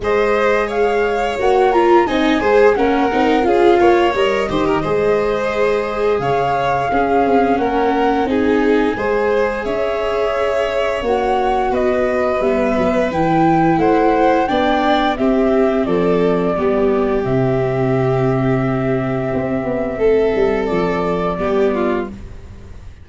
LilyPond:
<<
  \new Staff \with { instrumentName = "flute" } { \time 4/4 \tempo 4 = 87 dis''4 f''4 fis''8 ais''8 gis''4 | fis''4 f''4 dis''2~ | dis''4 f''2 fis''4 | gis''2 e''2 |
fis''4 dis''4 e''4 g''4 | fis''4 g''4 e''4 d''4~ | d''4 e''2.~ | e''2 d''2 | }
  \new Staff \with { instrumentName = "violin" } { \time 4/4 c''4 cis''2 dis''8 c''8 | ais'4 gis'8 cis''4 c''16 ais'16 c''4~ | c''4 cis''4 gis'4 ais'4 | gis'4 c''4 cis''2~ |
cis''4 b'2. | c''4 d''4 g'4 a'4 | g'1~ | g'4 a'2 g'8 f'8 | }
  \new Staff \with { instrumentName = "viola" } { \time 4/4 gis'2 fis'8 f'8 dis'8 gis'8 | cis'8 dis'8 f'4 ais'8 g'8 gis'4~ | gis'2 cis'2 | dis'4 gis'2. |
fis'2 b4 e'4~ | e'4 d'4 c'2 | b4 c'2.~ | c'2. b4 | }
  \new Staff \with { instrumentName = "tuba" } { \time 4/4 gis2 ais4 c'8 gis8 | ais8 c'8 cis'8 ais8 g8 dis8 gis4~ | gis4 cis4 cis'8 c'8 ais4 | c'4 gis4 cis'2 |
ais4 b4 g8 fis8 e4 | a4 b4 c'4 f4 | g4 c2. | c'8 b8 a8 g8 f4 g4 | }
>>